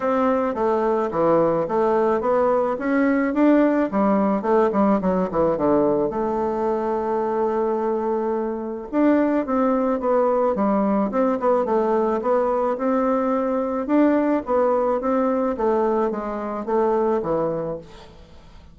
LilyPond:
\new Staff \with { instrumentName = "bassoon" } { \time 4/4 \tempo 4 = 108 c'4 a4 e4 a4 | b4 cis'4 d'4 g4 | a8 g8 fis8 e8 d4 a4~ | a1 |
d'4 c'4 b4 g4 | c'8 b8 a4 b4 c'4~ | c'4 d'4 b4 c'4 | a4 gis4 a4 e4 | }